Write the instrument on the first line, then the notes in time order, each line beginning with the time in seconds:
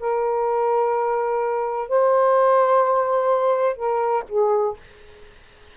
saxophone
0.00 A#4
1.89 C5
3.76 A#4
4.29 G#4